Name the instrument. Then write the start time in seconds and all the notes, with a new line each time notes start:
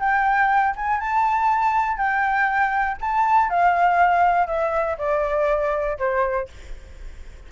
flute
0.00 G5
0.76 G#5
1.00 A5
1.97 G5
3.01 A5
3.50 F5
4.47 E5
4.98 D5
5.99 C5